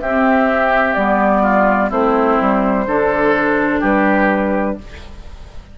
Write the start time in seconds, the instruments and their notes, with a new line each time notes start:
0.00 clarinet C4, bassoon C4, oboe G4, flute E5
0.94 bassoon G3, clarinet B3, flute D5
1.42 oboe F4
1.89 bassoon A3, clarinet C4, oboe E4, flute C5
2.40 bassoon G3
2.87 bassoon D3, clarinet D4, oboe A4
3.80 bassoon G3, oboe G4, flute B4